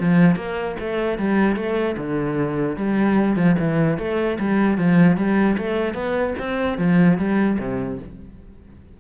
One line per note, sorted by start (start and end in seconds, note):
0.00 0.36 F3
0.36 0.76 A#3
0.80 1.19 A3
1.19 1.56 G3
1.56 1.96 A3
1.97 2.77 D3
2.77 3.36 G3
3.36 3.56 F3
3.59 3.98 E3
3.98 4.38 A3
4.39 4.78 G3
4.78 5.17 F3
5.17 5.57 G3
5.58 5.94 A3
5.94 6.34 B3
6.39 6.78 C4
6.78 7.18 F3
7.18 7.58 G3
7.59 7.99 C3